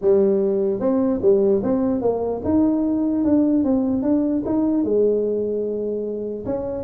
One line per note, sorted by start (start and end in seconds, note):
0.01 0.79 G3
0.79 1.20 C4
1.22 1.62 G3
1.63 2.01 C4
2.01 2.41 A#3
2.44 3.24 D#4
3.24 3.64 D4
3.64 4.02 C4
4.02 4.42 D4
4.45 4.84 D#4
4.84 6.45 G#3
6.45 6.84 C#4